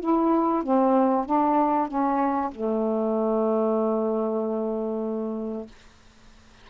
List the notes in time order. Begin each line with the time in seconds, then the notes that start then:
0.00 E4
0.63 C4
1.25 D4
1.88 C#4
2.51 A3